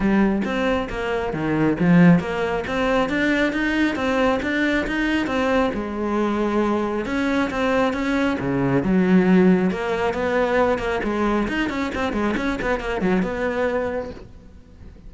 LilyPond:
\new Staff \with { instrumentName = "cello" } { \time 4/4 \tempo 4 = 136 g4 c'4 ais4 dis4 | f4 ais4 c'4 d'4 | dis'4 c'4 d'4 dis'4 | c'4 gis2. |
cis'4 c'4 cis'4 cis4 | fis2 ais4 b4~ | b8 ais8 gis4 dis'8 cis'8 c'8 gis8 | cis'8 b8 ais8 fis8 b2 | }